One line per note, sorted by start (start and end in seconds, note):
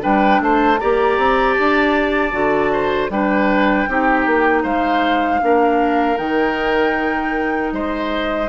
0.00 0.40 G3
0.00 0.77 D4
0.00 0.41 B4
0.00 0.41 G5
0.40 0.78 A3
0.40 0.80 C5
0.40 0.79 A5
0.79 1.17 A#3
0.79 2.31 G4
0.79 2.72 D5
0.79 1.53 A#5
1.17 1.56 C4
1.53 2.32 D4
1.53 3.07 A5
2.31 3.09 D3
2.31 3.08 F#4
2.72 3.10 C5
3.09 3.86 G3
3.09 3.88 D4
3.09 3.89 B4
3.09 4.64 G5
3.88 4.26 C4
3.88 5.40 D#4
3.88 4.63 G4
4.26 4.64 A#3
4.63 5.41 G#3
4.63 5.40 C5
4.63 6.17 F5
5.40 6.18 A#3
5.40 6.16 D4
5.40 7.73 A#4
6.16 7.72 D#3
6.16 8.47 D#4
6.16 7.71 G5
7.72 8.49 G#3
7.72 8.49 C5
7.72 8.49 D#5